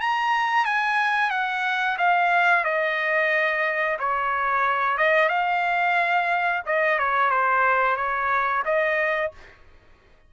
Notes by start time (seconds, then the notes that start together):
0.00 A#5
0.65 G#5
1.30 F#5
1.98 F5
2.64 D#5
3.99 C#5
4.98 D#5
5.29 F5
6.66 D#5
6.98 C#5
7.30 C5
7.96 C#5
8.65 D#5